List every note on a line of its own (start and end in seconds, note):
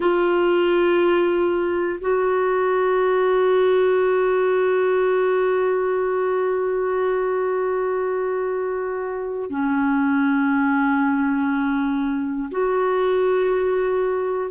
0.00 1.99 F4
2.00 9.50 F#4
9.50 12.50 C#4
12.50 14.50 F#4